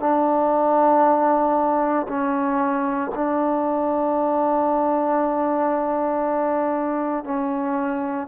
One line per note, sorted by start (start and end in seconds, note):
0.00 2.07 D4
2.08 3.12 C#4
3.16 7.25 D4
7.25 8.28 C#4